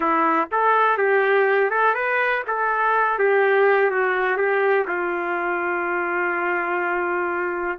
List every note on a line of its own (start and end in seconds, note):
0.00 0.48 E4
0.51 0.97 A4
0.97 1.70 G4
1.70 1.94 A4
1.94 2.43 B4
2.47 3.18 A4
3.18 3.90 G4
3.90 4.37 F#4
4.37 4.86 G4
4.87 7.79 F4